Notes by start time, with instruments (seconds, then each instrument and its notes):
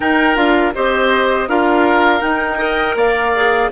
0.00 clarinet D#4, bassoon D#4, oboe A#4, flute G5
0.35 bassoon D4, clarinet F4, flute F5
0.74 bassoon C4, clarinet G4, oboe C5, flute D#5
1.48 bassoon D4, clarinet F4, oboe A#4, flute F5
2.20 clarinet D#4, bassoon D#4, flute G5
2.57 clarinet A#4, oboe D#5
2.95 bassoon A#3, oboe D5, flute F5
3.35 clarinet G#4